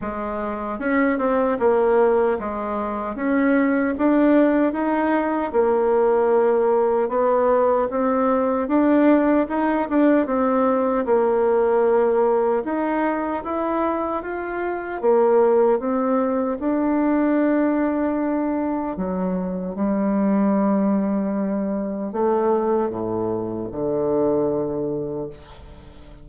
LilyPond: \new Staff \with { instrumentName = "bassoon" } { \time 4/4 \tempo 4 = 76 gis4 cis'8 c'8 ais4 gis4 | cis'4 d'4 dis'4 ais4~ | ais4 b4 c'4 d'4 | dis'8 d'8 c'4 ais2 |
dis'4 e'4 f'4 ais4 | c'4 d'2. | fis4 g2. | a4 a,4 d2 | }